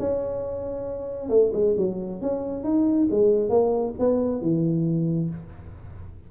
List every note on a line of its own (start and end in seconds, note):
0.00 1.30 C#4
1.30 1.52 A3
1.53 1.75 G#3
1.78 2.22 F#3
2.22 2.64 C#4
2.64 3.08 D#4
3.11 3.50 G#3
3.50 3.94 A#3
3.99 4.42 B3
4.42 5.30 E3